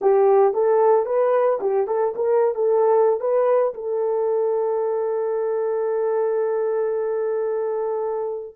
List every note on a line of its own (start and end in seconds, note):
0.01 0.53 G4
0.53 1.05 A4
1.05 1.59 B4
1.60 1.87 G4
1.87 2.14 A4
2.15 2.54 A#4
2.54 3.20 A4
3.20 3.73 B4
3.74 8.55 A4